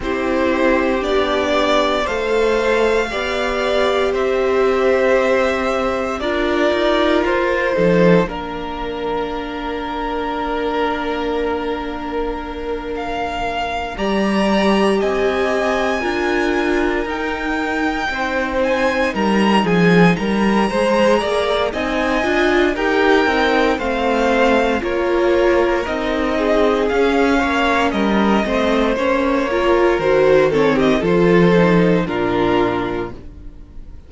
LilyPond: <<
  \new Staff \with { instrumentName = "violin" } { \time 4/4 \tempo 4 = 58 c''4 d''4 f''2 | e''2 d''4 c''4 | ais'1~ | ais'8 f''4 ais''4 gis''4.~ |
gis''8 g''4. gis''8 ais''8 gis''8 ais''8~ | ais''4 gis''4 g''4 f''4 | cis''4 dis''4 f''4 dis''4 | cis''4 c''8 cis''16 dis''16 c''4 ais'4 | }
  \new Staff \with { instrumentName = "violin" } { \time 4/4 g'2 c''4 d''4 | c''2 ais'4. a'8 | ais'1~ | ais'4. d''4 dis''4 ais'8~ |
ais'4. c''4 ais'8 gis'8 ais'8 | c''8 d''8 dis''4 ais'4 c''4 | ais'4. gis'4 cis''8 ais'8 c''8~ | c''8 ais'4 a'16 g'16 a'4 f'4 | }
  \new Staff \with { instrumentName = "viola" } { \time 4/4 e'4 d'4 a'4 g'4~ | g'2 f'4. dis'8 | d'1~ | d'4. g'2 f'8~ |
f'8 dis'2.~ dis'8 | gis'4 dis'8 f'8 g'8 dis'8 c'4 | f'4 dis'4 cis'4. c'8 | cis'8 f'8 fis'8 c'8 f'8 dis'8 d'4 | }
  \new Staff \with { instrumentName = "cello" } { \time 4/4 c'4 b4 a4 b4 | c'2 d'8 dis'8 f'8 f8 | ais1~ | ais4. g4 c'4 d'8~ |
d'8 dis'4 c'4 g8 f8 g8 | gis8 ais8 c'8 d'8 dis'8 c'8 a4 | ais4 c'4 cis'8 ais8 g8 a8 | ais4 dis4 f4 ais,4 | }
>>